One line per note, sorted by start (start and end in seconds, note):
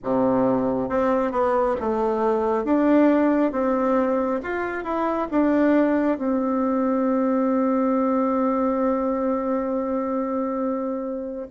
0.03 0.89 C3
0.89 1.31 C4
1.31 1.75 B3
1.80 2.64 A3
2.64 3.52 D4
3.52 4.40 C4
4.42 4.84 F4
4.84 5.28 E4
5.30 6.18 D4
6.18 11.47 C4